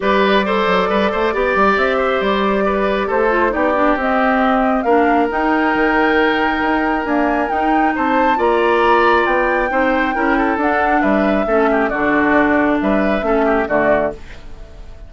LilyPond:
<<
  \new Staff \with { instrumentName = "flute" } { \time 4/4 \tempo 4 = 136 d''1 | e''4 d''2 c''4 | d''4 dis''2 f''4 | g''1 |
gis''4 g''4 a''4 ais''4~ | ais''4 g''2. | fis''4 e''2 d''4~ | d''4 e''2 d''4 | }
  \new Staff \with { instrumentName = "oboe" } { \time 4/4 b'4 c''4 b'8 c''8 d''4~ | d''8 c''4. b'4 a'4 | g'2. ais'4~ | ais'1~ |
ais'2 c''4 d''4~ | d''2 c''4 ais'8 a'8~ | a'4 b'4 a'8 g'8 fis'4~ | fis'4 b'4 a'8 g'8 fis'4 | }
  \new Staff \with { instrumentName = "clarinet" } { \time 4/4 g'4 a'2 g'4~ | g'2.~ g'8 f'8 | dis'8 d'8 c'2 d'4 | dis'1 |
ais4 dis'2 f'4~ | f'2 dis'4 e'4 | d'2 cis'4 d'4~ | d'2 cis'4 a4 | }
  \new Staff \with { instrumentName = "bassoon" } { \time 4/4 g4. fis8 g8 a8 b8 g8 | c'4 g2 a4 | b4 c'2 ais4 | dis'4 dis2 dis'4 |
d'4 dis'4 c'4 ais4~ | ais4 b4 c'4 cis'4 | d'4 g4 a4 d4~ | d4 g4 a4 d4 | }
>>